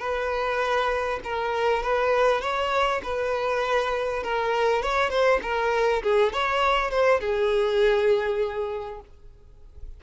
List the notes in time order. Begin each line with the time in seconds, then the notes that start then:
0.00 B4
1.24 A#4
1.83 B4
2.41 C#5
3.04 B4
4.24 A#4
4.83 C#5
5.10 C5
5.43 A#4
6.03 G#4
6.33 C#5
6.91 C5
7.21 G#4